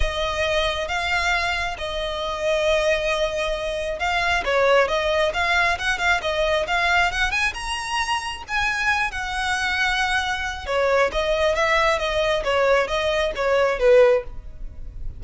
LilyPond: \new Staff \with { instrumentName = "violin" } { \time 4/4 \tempo 4 = 135 dis''2 f''2 | dis''1~ | dis''4 f''4 cis''4 dis''4 | f''4 fis''8 f''8 dis''4 f''4 |
fis''8 gis''8 ais''2 gis''4~ | gis''8 fis''2.~ fis''8 | cis''4 dis''4 e''4 dis''4 | cis''4 dis''4 cis''4 b'4 | }